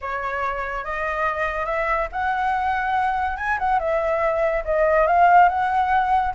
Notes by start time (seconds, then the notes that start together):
0.01 C#5
0.84 D#5
1.65 E5
2.11 F#5
3.36 G#5
3.58 F#5
3.79 E5
4.64 D#5
5.06 F5
5.49 F#5